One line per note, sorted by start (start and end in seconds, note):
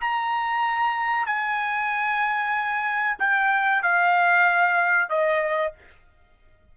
0.00 1.26 A#5
1.26 3.17 G#5
3.19 3.82 G5
3.82 5.09 F5
5.09 5.73 D#5